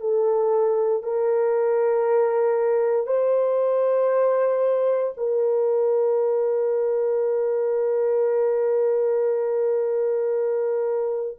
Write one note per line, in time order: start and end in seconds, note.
0.00 1.03 A4
1.03 3.07 A#4
3.07 5.13 C5
5.17 11.37 A#4